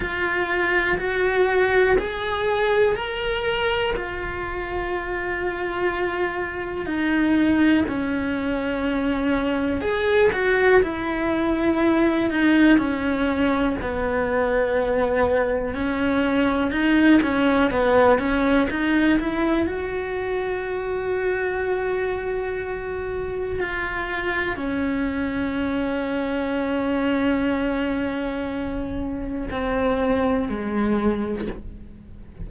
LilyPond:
\new Staff \with { instrumentName = "cello" } { \time 4/4 \tempo 4 = 61 f'4 fis'4 gis'4 ais'4 | f'2. dis'4 | cis'2 gis'8 fis'8 e'4~ | e'8 dis'8 cis'4 b2 |
cis'4 dis'8 cis'8 b8 cis'8 dis'8 e'8 | fis'1 | f'4 cis'2.~ | cis'2 c'4 gis4 | }